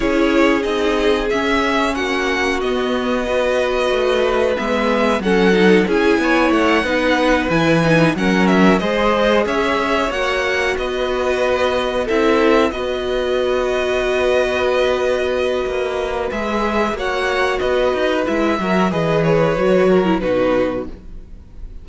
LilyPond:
<<
  \new Staff \with { instrumentName = "violin" } { \time 4/4 \tempo 4 = 92 cis''4 dis''4 e''4 fis''4 | dis''2. e''4 | fis''4 gis''4 fis''4. gis''8~ | gis''8 fis''8 e''8 dis''4 e''4 fis''8~ |
fis''8 dis''2 e''4 dis''8~ | dis''1~ | dis''4 e''4 fis''4 dis''4 | e''4 dis''8 cis''4. b'4 | }
  \new Staff \with { instrumentName = "violin" } { \time 4/4 gis'2. fis'4~ | fis'4 b'2. | a'4 gis'8 cis''4 b'4.~ | b'8 ais'4 c''4 cis''4.~ |
cis''8 b'2 a'4 b'8~ | b'1~ | b'2 cis''4 b'4~ | b'8 ais'8 b'4. ais'8 fis'4 | }
  \new Staff \with { instrumentName = "viola" } { \time 4/4 e'4 dis'4 cis'2 | b4 fis'2 b4 | cis'8 dis'8 e'4. dis'4 e'8 | dis'8 cis'4 gis'2 fis'8~ |
fis'2~ fis'8 e'4 fis'8~ | fis'1~ | fis'4 gis'4 fis'2 | e'8 fis'8 gis'4 fis'8. e'16 dis'4 | }
  \new Staff \with { instrumentName = "cello" } { \time 4/4 cis'4 c'4 cis'4 ais4 | b2 a4 gis4 | fis4 cis'8 b8 a8 b4 e8~ | e8 fis4 gis4 cis'4 ais8~ |
ais8 b2 c'4 b8~ | b1 | ais4 gis4 ais4 b8 dis'8 | gis8 fis8 e4 fis4 b,4 | }
>>